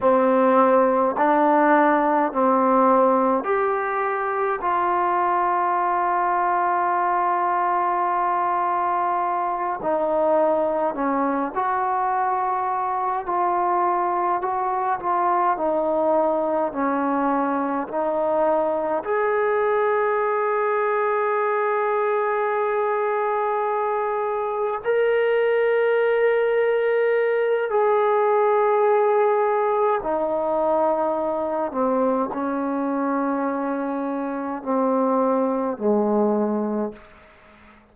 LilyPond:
\new Staff \with { instrumentName = "trombone" } { \time 4/4 \tempo 4 = 52 c'4 d'4 c'4 g'4 | f'1~ | f'8 dis'4 cis'8 fis'4. f'8~ | f'8 fis'8 f'8 dis'4 cis'4 dis'8~ |
dis'8 gis'2.~ gis'8~ | gis'4. ais'2~ ais'8 | gis'2 dis'4. c'8 | cis'2 c'4 gis4 | }